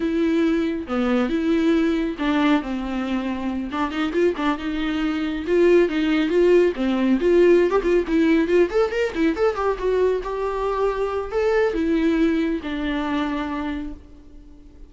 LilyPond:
\new Staff \with { instrumentName = "viola" } { \time 4/4 \tempo 4 = 138 e'2 b4 e'4~ | e'4 d'4 c'2~ | c'8 d'8 dis'8 f'8 d'8 dis'4.~ | dis'8 f'4 dis'4 f'4 c'8~ |
c'8 f'4~ f'16 g'16 f'8 e'4 f'8 | a'8 ais'8 e'8 a'8 g'8 fis'4 g'8~ | g'2 a'4 e'4~ | e'4 d'2. | }